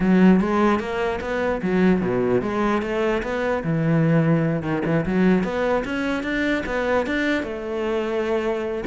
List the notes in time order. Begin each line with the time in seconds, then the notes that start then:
0.00 F#3
0.40 G#3
0.79 A#3
1.21 B3
1.62 F#3
2.01 B2
2.41 G#3
2.82 A3
3.23 B3
3.63 E3
4.62 D#3
4.85 E3
5.06 F#3
5.43 B3
5.85 C#4
6.23 D4
6.66 B3
7.06 D4
7.43 A3